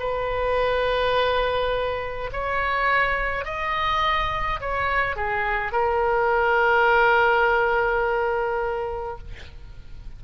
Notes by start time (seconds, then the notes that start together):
0.00 B4
2.33 C#5
3.45 D#5
4.60 C#5
5.16 G#4
5.72 A#4